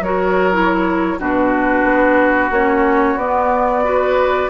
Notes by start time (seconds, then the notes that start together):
0.00 F#3 F#4 A#4 C#5
0.52 E4
1.19 B2 D4 F#4 B4
1.84 B3
2.51 A#3 C#4 C#5
3.16 B3 D5
3.85 F#4 B4